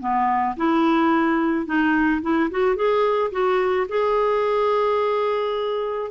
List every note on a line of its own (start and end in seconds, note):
0.00 0.56 B3
0.56 1.66 E4
1.66 2.21 D#4
2.22 2.49 E4
2.51 2.76 F#4
2.76 3.31 G#4
3.31 3.87 F#4
3.89 6.11 G#4